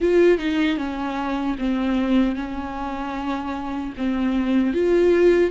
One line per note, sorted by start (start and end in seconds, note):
0.00 0.38 F4
0.38 0.77 D#4
0.77 1.56 C#4
1.58 2.35 C4
2.35 3.93 C#4
3.97 4.73 C4
4.73 5.50 F4